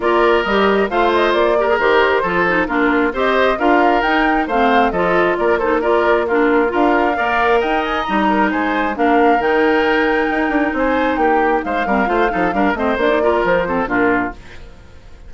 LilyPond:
<<
  \new Staff \with { instrumentName = "flute" } { \time 4/4 \tempo 4 = 134 d''4 dis''4 f''8 dis''8 d''4 | c''2 ais'4 dis''4 | f''4 g''4 f''4 dis''4 | d''8 c''8 d''4 ais'4 f''4~ |
f''4 g''8 gis''8 ais''4 gis''4 | f''4 g''2. | gis''4 g''4 f''2~ | f''8 dis''8 d''4 c''4 ais'4 | }
  \new Staff \with { instrumentName = "oboe" } { \time 4/4 ais'2 c''4. ais'8~ | ais'4 a'4 f'4 c''4 | ais'2 c''4 a'4 | ais'8 a'8 ais'4 f'4 ais'4 |
d''4 dis''4. ais'8 c''4 | ais'1 | c''4 g'4 c''8 ais'8 c''8 a'8 | ais'8 c''4 ais'4 a'8 f'4 | }
  \new Staff \with { instrumentName = "clarinet" } { \time 4/4 f'4 g'4 f'4. g'16 gis'16 | g'4 f'8 dis'8 d'4 g'4 | f'4 dis'4 c'4 f'4~ | f'8 dis'8 f'4 d'4 f'4 |
ais'2 dis'2 | d'4 dis'2.~ | dis'2~ dis'8 c'8 f'8 dis'8 | d'8 c'8 d'16 dis'16 f'4 c'8 d'4 | }
  \new Staff \with { instrumentName = "bassoon" } { \time 4/4 ais4 g4 a4 ais4 | dis4 f4 ais4 c'4 | d'4 dis'4 a4 f4 | ais2. d'4 |
ais4 dis'4 g4 gis4 | ais4 dis2 dis'8 d'8 | c'4 ais4 gis8 g8 a8 f8 | g8 a8 ais4 f4 ais,4 | }
>>